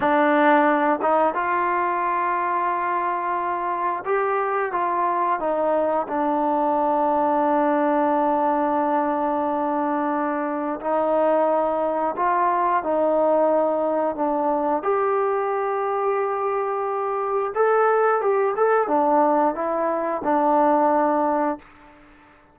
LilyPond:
\new Staff \with { instrumentName = "trombone" } { \time 4/4 \tempo 4 = 89 d'4. dis'8 f'2~ | f'2 g'4 f'4 | dis'4 d'2.~ | d'1 |
dis'2 f'4 dis'4~ | dis'4 d'4 g'2~ | g'2 a'4 g'8 a'8 | d'4 e'4 d'2 | }